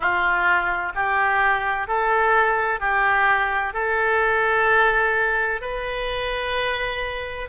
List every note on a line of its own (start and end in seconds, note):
0.00 0.92 F4
0.95 1.87 G4
1.87 2.80 A4
2.80 3.73 G4
3.73 5.61 A4
5.61 7.48 B4